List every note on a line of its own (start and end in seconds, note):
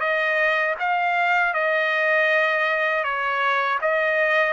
0.00 0.75 D#5
0.79 1.54 F5
1.54 3.04 D#5
3.04 3.79 C#5
3.81 4.53 D#5